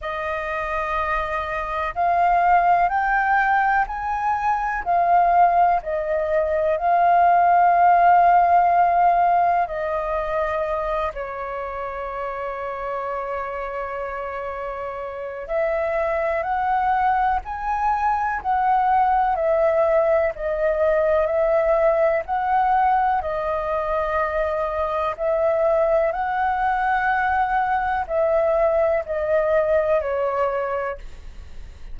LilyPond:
\new Staff \with { instrumentName = "flute" } { \time 4/4 \tempo 4 = 62 dis''2 f''4 g''4 | gis''4 f''4 dis''4 f''4~ | f''2 dis''4. cis''8~ | cis''1 |
e''4 fis''4 gis''4 fis''4 | e''4 dis''4 e''4 fis''4 | dis''2 e''4 fis''4~ | fis''4 e''4 dis''4 cis''4 | }